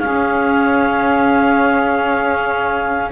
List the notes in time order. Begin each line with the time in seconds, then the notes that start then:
0.00 C#4 G#4 F5
0.07 C#4